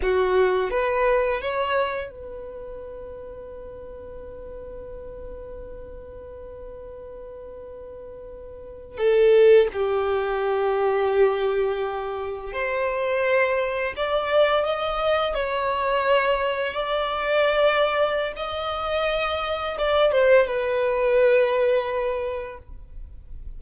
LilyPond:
\new Staff \with { instrumentName = "violin" } { \time 4/4 \tempo 4 = 85 fis'4 b'4 cis''4 b'4~ | b'1~ | b'1~ | b'8. a'4 g'2~ g'16~ |
g'4.~ g'16 c''2 d''16~ | d''8. dis''4 cis''2 d''16~ | d''2 dis''2 | d''8 c''8 b'2. | }